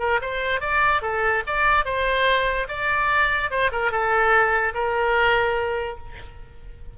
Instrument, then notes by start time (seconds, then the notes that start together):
oboe
0.00 A#4
0.22 C5
0.61 D5
1.02 A4
1.47 D5
1.85 C5
2.69 D5
3.51 C5
3.72 A#4
3.92 A4
4.74 A#4